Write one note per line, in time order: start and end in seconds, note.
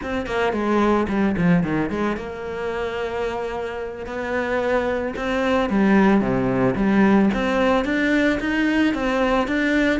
0.03 0.26 C4
0.26 0.53 A#3
0.53 1.07 G#3
1.08 1.35 G3
1.37 1.63 F3
1.63 1.90 D#3
1.90 2.16 G#3
2.16 4.06 A#3
4.06 5.14 B3
5.15 5.69 C4
5.69 6.20 G3
6.20 6.74 C3
6.75 7.29 G3
7.33 7.85 C4
7.85 8.39 D4
8.40 8.94 D#4
8.94 9.47 C4
9.47 10.00 D4